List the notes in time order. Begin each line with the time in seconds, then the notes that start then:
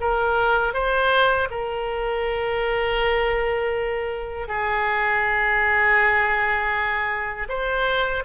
0.00 A#4
0.73 C5
1.50 A#4
4.48 G#4
7.48 C5